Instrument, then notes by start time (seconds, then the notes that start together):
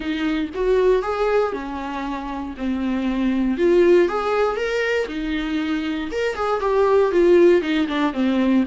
viola
0.00 D#4
0.54 F#4
1.02 G#4
1.52 C#4
2.57 C4
3.57 F4
4.08 G#4
4.56 A#4
5.08 D#4
6.11 A#4
6.35 G#4
6.60 G4
7.11 F4
7.61 D#4
7.88 D4
8.13 C4